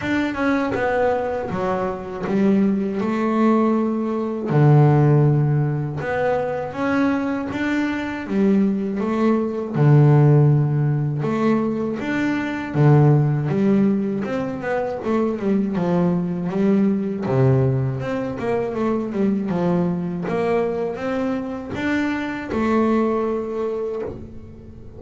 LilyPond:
\new Staff \with { instrumentName = "double bass" } { \time 4/4 \tempo 4 = 80 d'8 cis'8 b4 fis4 g4 | a2 d2 | b4 cis'4 d'4 g4 | a4 d2 a4 |
d'4 d4 g4 c'8 b8 | a8 g8 f4 g4 c4 | c'8 ais8 a8 g8 f4 ais4 | c'4 d'4 a2 | }